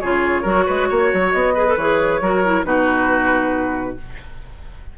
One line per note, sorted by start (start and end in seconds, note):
0.00 0.45 C#3
0.00 0.44 F4
0.00 0.42 G#4
0.00 1.32 C#5
0.42 0.67 F#3
0.42 1.55 F#4
0.42 0.64 A#4
0.66 0.91 G#3
0.66 0.88 B4
0.89 1.13 A#3
0.89 1.54 C#5
1.13 1.34 F#3
1.32 1.77 B3
1.32 1.76 D#5
1.54 1.67 G#4
1.54 2.20 B4
1.67 1.78 A4
1.77 2.21 E3
1.77 2.21 G#4
1.77 2.64 C#5
2.21 2.64 F#3
2.21 2.43 F#4
2.21 2.66 A#4
2.44 2.65 E4
2.64 3.96 B2
2.64 3.97 D#4
2.64 3.98 F#4
2.64 3.97 B4